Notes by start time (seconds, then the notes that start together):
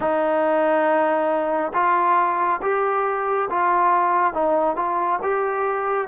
0.00 D#4
1.73 F4
2.61 G4
3.49 F4
4.33 D#4
4.75 F4
5.22 G4